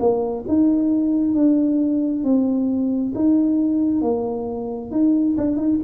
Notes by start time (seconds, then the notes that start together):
0.00 A#3
0.48 D#4
1.35 D4
2.24 C4
3.15 D#4
4.02 A#3
4.91 D#4
5.38 D4
5.57 D#4